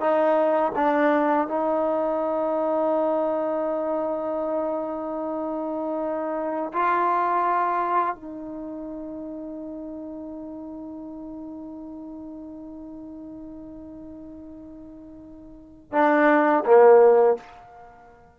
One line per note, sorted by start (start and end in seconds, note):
0.00 0.72 D#4
0.75 1.48 D4
1.48 6.72 D#4
6.73 8.15 F4
8.15 15.92 D#4
15.92 16.64 D4
16.65 17.37 A#3